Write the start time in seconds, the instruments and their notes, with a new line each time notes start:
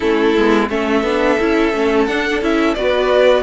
0.00 cello A3, viola C#4, violin E4 A4
0.37 cello G#3, viola B3
0.69 cello A3, viola C#4, violin A4 E5
1.03 cello B3, viola D4
1.39 cello C#4, viola E4
1.73 cello A3, viola C#4
2.06 cello D4, viola D4, violin F#5
2.41 cello C#4, viola E4, violin E5
2.74 cello B3, viola F#4, violin B4 D5